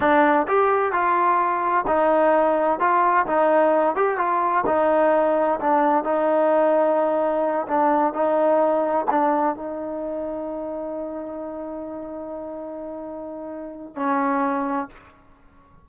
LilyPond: \new Staff \with { instrumentName = "trombone" } { \time 4/4 \tempo 4 = 129 d'4 g'4 f'2 | dis'2 f'4 dis'4~ | dis'8 g'8 f'4 dis'2 | d'4 dis'2.~ |
dis'8 d'4 dis'2 d'8~ | d'8 dis'2.~ dis'8~ | dis'1~ | dis'2 cis'2 | }